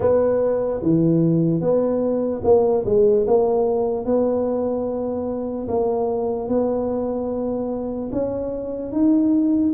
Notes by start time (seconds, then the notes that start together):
0.00 B3
0.82 E3
1.60 B3
2.43 A#3
2.85 G#3
3.27 A#3
4.05 B3
5.68 A#3
6.48 B3
8.12 C#4
8.92 D#4